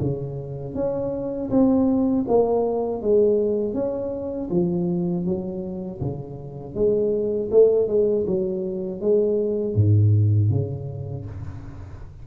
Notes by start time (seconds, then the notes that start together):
0.00 C#3
0.75 C#4
1.50 C4
2.28 A#3
3.02 G#3
3.74 C#4
4.50 F3
5.25 F#3
6.01 C#3
6.75 G#3
7.51 A3
7.88 G#3
8.26 F#3
9.00 G#3
9.75 G#2
10.50 C#3